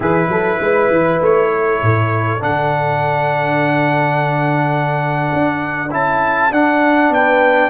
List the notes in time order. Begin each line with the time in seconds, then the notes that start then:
0.00 E3 E4 G#4 B4
0.28 F#3 A4
0.60 G#3 B4
0.90 E3
1.21 A3 C#5
1.52 A4
1.81 A2
2.40 D3 D4 F#5
5.33 D4
5.90 C#4 E4 A5
6.51 D4 F#5
7.10 B3 B4 G5